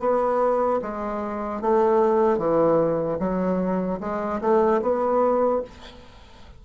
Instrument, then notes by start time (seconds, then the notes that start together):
bassoon
0.00 B3
0.82 G#3
1.61 A3
2.38 E3
3.20 F#3
4.00 G#3
4.41 A3
4.82 B3